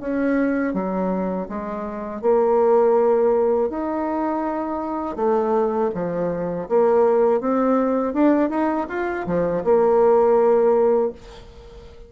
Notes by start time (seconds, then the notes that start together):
0.00 C#4
0.74 F#3
1.49 G#3
2.22 A#3
3.70 D#4
5.16 A3
5.95 F3
6.69 A#3
7.41 C4
8.14 D4
8.50 D#4
8.89 F4
9.27 F3
9.64 A#3